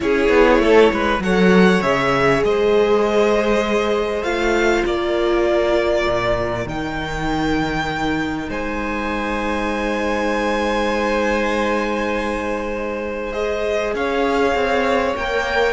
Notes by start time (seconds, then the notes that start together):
0.00 C#4 E4 G#4 C#5
0.29 B3
0.59 A3 A4
0.91 G#3 B4
1.19 F#3 A4 C#5 F#5
1.82 C#3 G#4 E5
2.43 G#3 C5 D#5
4.22 A3 F4 F5
4.85 A#3 A#4 D5
6.06 A#2
6.66 D#3 D#4 G5
8.48 G#3 C5 G#5
13.31 G#4 D#5
13.94 C#4 C#5 F5
14.54 C4
15.15 A#3 A#4 G5